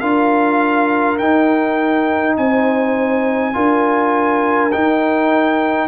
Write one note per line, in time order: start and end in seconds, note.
0.00 1.19 D4
0.00 1.20 F4
0.00 2.36 A#4
0.00 1.18 F5
1.18 2.37 D#4
1.18 3.53 D#4
1.18 2.36 G5
2.37 3.55 C4
2.37 3.55 C5
2.37 4.72 G#5
3.53 4.73 D4
3.53 4.71 F4
3.53 5.88 A#4
4.72 5.88 D#4
4.72 5.88 G5